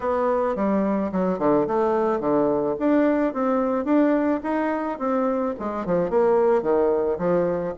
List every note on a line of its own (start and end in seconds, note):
0.00 0.55 B3
0.55 1.11 G3
1.12 1.39 F#3
1.39 1.66 D3
1.67 2.19 A3
2.19 2.75 D3
2.79 3.33 D4
3.33 3.85 C4
3.85 4.40 D4
4.43 4.98 D#4
4.98 5.54 C4
5.59 5.85 G#3
5.85 6.10 F3
6.10 6.62 A#3
6.62 7.18 D#3
7.18 7.74 F3